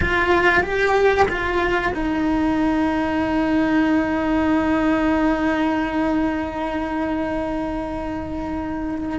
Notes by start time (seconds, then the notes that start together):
0.01 F4
0.62 G4
1.28 F4
1.94 D#4